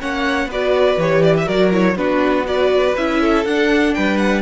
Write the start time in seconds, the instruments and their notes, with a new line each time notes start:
0.00 cello A#3, viola C#4, violin C#5 F#5
0.46 cello B3, viola F#4, violin B4 D5
0.97 cello E3, viola G4, violin C#5
1.23 violin D5
1.37 violin E5
1.44 cello F#3, viola F#4, violin A#4 D5
1.71 viola E4, violin C#5
1.95 cello B3, viola D4, violin F#4 B4
2.45 viola F#4, violin B4 D5
2.96 cello C#4, viola E4, violin E5
3.20 violin A4
3.45 cello D4, viola D4, violin F#5
3.94 cello G3, violin B4 G5
4.17 violin F#5